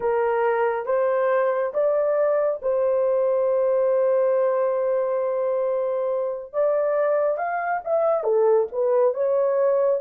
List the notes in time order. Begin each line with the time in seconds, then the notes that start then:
0.00 A#4
0.85 C5
1.73 D5
2.62 C5
6.53 D5
7.37 F5
7.84 E5
8.23 A4
8.72 B4
9.13 C#5